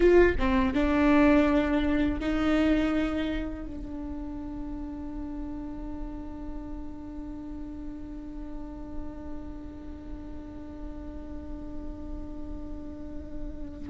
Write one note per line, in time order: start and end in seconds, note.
0.00 0.35 F4
0.38 0.74 C4
0.74 2.20 D4
2.20 3.66 D#4
3.66 13.90 D4